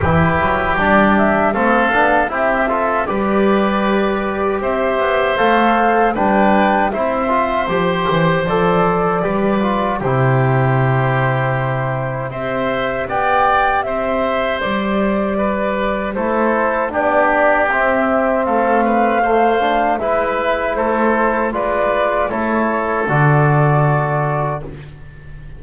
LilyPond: <<
  \new Staff \with { instrumentName = "flute" } { \time 4/4 \tempo 4 = 78 b'4 d''8 e''8 f''4 e''4 | d''2 e''4 f''4 | g''4 e''4 c''4 d''4~ | d''4 c''2. |
e''4 g''4 e''4 d''4~ | d''4 c''4 d''4 e''4 | f''2 e''4 c''4 | d''4 cis''4 d''2 | }
  \new Staff \with { instrumentName = "oboe" } { \time 4/4 g'2 a'4 g'8 a'8 | b'2 c''2 | b'4 c''2. | b'4 g'2. |
c''4 d''4 c''2 | b'4 a'4 g'2 | a'8 b'8 c''4 b'4 a'4 | b'4 a'2. | }
  \new Staff \with { instrumentName = "trombone" } { \time 4/4 e'4 d'4 c'8 d'8 e'8 f'8 | g'2. a'4 | d'4 e'8 f'8 g'4 a'4 | g'8 f'8 e'2. |
g'1~ | g'4 e'4 d'4 c'4~ | c'4 a8 d'8 e'2 | f'4 e'4 fis'2 | }
  \new Staff \with { instrumentName = "double bass" } { \time 4/4 e8 fis8 g4 a8 b8 c'4 | g2 c'8 b8 a4 | g4 c'4 f8 e8 f4 | g4 c2. |
c'4 b4 c'4 g4~ | g4 a4 b4 c'4 | a2 gis4 a4 | gis4 a4 d2 | }
>>